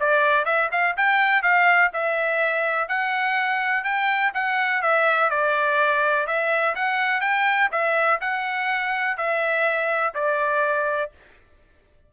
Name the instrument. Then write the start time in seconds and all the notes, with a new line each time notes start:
trumpet
0.00 D5
0.45 E5
0.72 F5
0.97 G5
1.42 F5
1.93 E5
2.88 F#5
3.84 G5
4.34 F#5
4.82 E5
5.30 D5
6.27 E5
6.75 F#5
7.21 G5
7.71 E5
8.21 F#5
9.17 E5
10.14 D5